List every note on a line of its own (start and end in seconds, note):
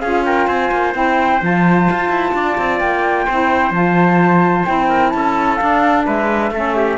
0.00 0.47 C#4
0.00 0.93 F4
0.00 0.24 G#4
0.00 0.23 F5
0.25 0.47 A#4
0.25 0.46 G5
0.46 0.70 C4
0.46 2.33 C5
0.46 0.93 G#5
0.71 0.94 A#3
0.93 1.41 C4
0.93 1.39 E4
0.93 1.43 G5
1.41 1.88 F3
1.41 3.27 F4
1.41 2.79 A5
1.91 2.09 F4
2.09 2.32 E4
2.34 2.57 D4
2.34 3.26 D5
2.58 2.80 C4
2.79 3.26 A#3
2.79 3.72 G5
3.26 3.70 C4
3.26 3.72 E4
3.26 4.88 C5
3.70 4.63 F3
3.70 4.65 F4
3.70 4.65 A5
4.65 5.14 C4
4.65 5.58 E4
4.65 5.10 G5
4.88 5.12 A#4
5.10 5.60 C#4
5.10 5.56 A5
5.16 6.05 A4
5.56 6.52 D4
5.56 6.07 D4
5.56 6.03 F5
6.05 6.51 G#3
6.05 6.52 B4
6.05 6.98 E5
6.51 6.97 A3
6.51 6.98 C#4
6.51 6.76 A4
6.76 6.98 G4